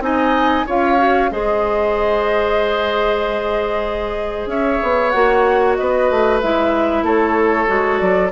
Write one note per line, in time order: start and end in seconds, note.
0.00 0.64 C4
0.00 0.65 D#4
0.00 0.66 D#5
0.00 0.67 G#5
0.66 1.31 C#4
0.66 0.98 F4
0.66 1.30 C#5
0.66 1.32 F5
0.98 1.30 F#4
1.31 4.46 G#3
1.31 5.13 G#4
1.31 4.50 C5
1.31 4.48 D#5
4.46 4.78 C#4
4.46 5.77 C#5
4.46 5.10 E5
4.82 5.14 B3
5.10 5.78 A#3
5.10 6.41 F#4
5.10 5.74 F#5
5.75 6.10 B3
5.75 7.04 B4
5.75 6.39 D#5
6.10 6.42 A3
6.41 7.02 G#3
6.41 7.67 E4
6.41 7.05 E5
7.02 7.66 A3
7.02 8.32 A4
7.02 7.99 C#5
7.67 8.01 G#3
7.67 8.31 F#4
7.99 8.32 F#3
7.99 8.31 D5